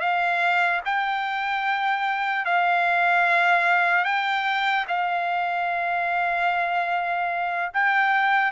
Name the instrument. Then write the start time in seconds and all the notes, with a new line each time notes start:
trumpet
0.00 F5
0.86 G5
2.45 F5
4.05 G5
4.88 F5
7.74 G5